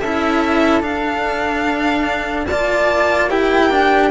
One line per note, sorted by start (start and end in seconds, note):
0.00 0.82 C#4
0.00 0.81 E4
0.00 2.47 A4
0.00 0.82 E5
0.81 2.45 D4
0.81 2.47 D4
0.81 2.47 F5
2.47 4.11 A#3
2.47 3.30 F4
2.47 3.30 D5
2.47 3.29 A5
3.30 3.71 E4
3.30 4.11 G4
3.30 4.11 G5
3.71 4.11 D4